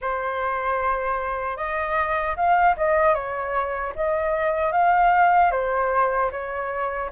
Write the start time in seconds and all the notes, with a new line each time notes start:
0.01 C5
1.56 D#5
2.36 F5
2.76 D#5
3.14 C#5
3.95 D#5
4.72 F5
5.51 C5
6.31 C#5